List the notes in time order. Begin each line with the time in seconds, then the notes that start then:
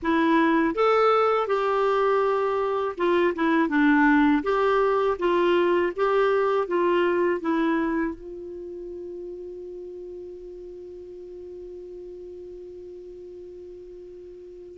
0.02 E4
0.74 A4
1.47 G4
2.97 F4
3.35 E4
3.68 D4
4.43 G4
5.18 F4
5.96 G4
6.67 F4
7.41 E4
8.14 F4